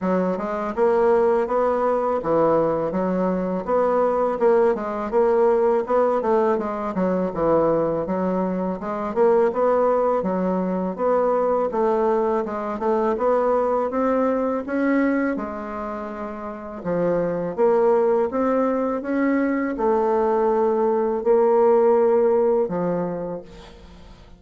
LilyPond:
\new Staff \with { instrumentName = "bassoon" } { \time 4/4 \tempo 4 = 82 fis8 gis8 ais4 b4 e4 | fis4 b4 ais8 gis8 ais4 | b8 a8 gis8 fis8 e4 fis4 | gis8 ais8 b4 fis4 b4 |
a4 gis8 a8 b4 c'4 | cis'4 gis2 f4 | ais4 c'4 cis'4 a4~ | a4 ais2 f4 | }